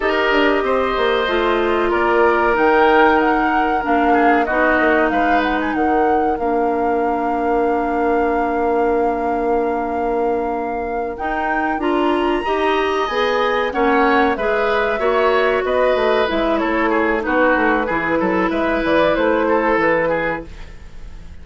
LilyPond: <<
  \new Staff \with { instrumentName = "flute" } { \time 4/4 \tempo 4 = 94 dis''2. d''4 | g''4 fis''4 f''4 dis''4 | f''8 fis''16 gis''16 fis''4 f''2~ | f''1~ |
f''4. g''4 ais''4.~ | ais''8 gis''4 fis''4 e''4.~ | e''8 dis''4 e''8 cis''4 b'4~ | b'4 e''8 d''8 c''4 b'4 | }
  \new Staff \with { instrumentName = "oboe" } { \time 4/4 ais'4 c''2 ais'4~ | ais'2~ ais'8 gis'8 fis'4 | b'4 ais'2.~ | ais'1~ |
ais'2.~ ais'8 dis''8~ | dis''4. cis''4 b'4 cis''8~ | cis''8 b'4. a'8 gis'8 fis'4 | gis'8 a'8 b'4. a'4 gis'8 | }
  \new Staff \with { instrumentName = "clarinet" } { \time 4/4 g'2 f'2 | dis'2 d'4 dis'4~ | dis'2 d'2~ | d'1~ |
d'4. dis'4 f'4 g'8~ | g'8 gis'4 cis'4 gis'4 fis'8~ | fis'4. e'4. dis'4 | e'1 | }
  \new Staff \with { instrumentName = "bassoon" } { \time 4/4 dis'8 d'8 c'8 ais8 a4 ais4 | dis2 ais4 b8 ais8 | gis4 dis4 ais2~ | ais1~ |
ais4. dis'4 d'4 dis'8~ | dis'8 b4 ais4 gis4 ais8~ | ais8 b8 a8 gis8 a4 b8 a8 | e8 fis8 gis8 e8 a4 e4 | }
>>